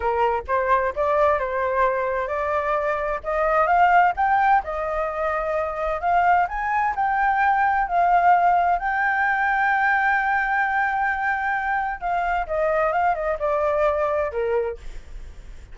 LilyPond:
\new Staff \with { instrumentName = "flute" } { \time 4/4 \tempo 4 = 130 ais'4 c''4 d''4 c''4~ | c''4 d''2 dis''4 | f''4 g''4 dis''2~ | dis''4 f''4 gis''4 g''4~ |
g''4 f''2 g''4~ | g''1~ | g''2 f''4 dis''4 | f''8 dis''8 d''2 ais'4 | }